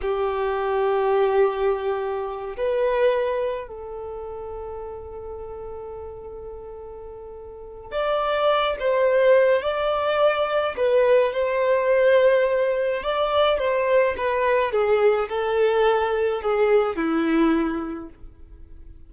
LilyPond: \new Staff \with { instrumentName = "violin" } { \time 4/4 \tempo 4 = 106 g'1~ | g'8 b'2 a'4.~ | a'1~ | a'2 d''4. c''8~ |
c''4 d''2 b'4 | c''2. d''4 | c''4 b'4 gis'4 a'4~ | a'4 gis'4 e'2 | }